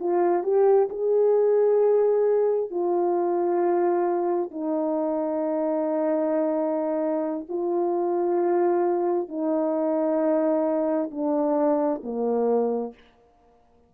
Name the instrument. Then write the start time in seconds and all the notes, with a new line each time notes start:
horn
0.00 F4
0.43 G4
0.90 G#4
2.71 F4
4.51 D#4
7.49 F4
9.29 D#4
11.11 D4
12.03 A#3